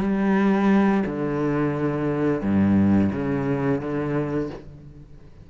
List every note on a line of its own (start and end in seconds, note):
0.00 1.03 G3
1.06 2.42 D3
2.42 3.11 G2
3.13 3.81 C#3
3.81 4.50 D3